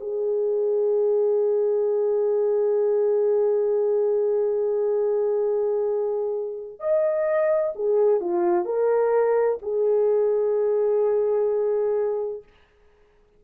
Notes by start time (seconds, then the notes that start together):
0.00 G#4
6.79 D#5
7.75 G#4
8.20 F4
8.65 A#4
9.62 G#4